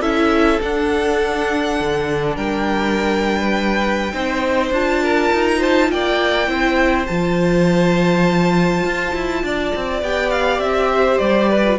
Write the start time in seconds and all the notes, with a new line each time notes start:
0.00 C#4 E4 A4 E5
0.62 D4 F#5
1.80 D3
2.36 G3 A#4 G5
3.39 B4
4.13 C4 D#4 C5
4.70 D4 F4 A5
5.03 A#4
5.33 D#4
5.47 A#5
5.58 C5 A5
5.91 A#3 D5 G5
6.47 C4 E4 C5
7.06 F3 F4 A5
8.84 F4
9.14 E4
9.43 D4 D5
9.75 C4
10.02 B3 G4 G5
10.30 F5
10.59 C4 E5
10.92 C5
11.18 G3 D5
11.49 B4
11.63 F4